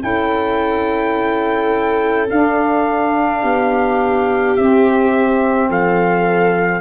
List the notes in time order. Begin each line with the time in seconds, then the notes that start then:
0.00 C#4 E4 A4 G5
2.30 D4 F5
3.42 B3 G4
4.57 C4 E5
5.69 F3 A4 F5